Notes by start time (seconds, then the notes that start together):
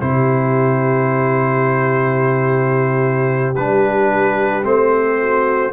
0.00 C3 E4 G4 C5
3.56 G3 D4 B4
4.63 A3 C4 C5
5.21 F#4